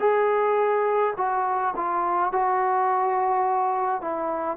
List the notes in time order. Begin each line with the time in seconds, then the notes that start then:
0.00 G#4
1.17 F#4
1.76 F4
2.33 F#4
4.02 E4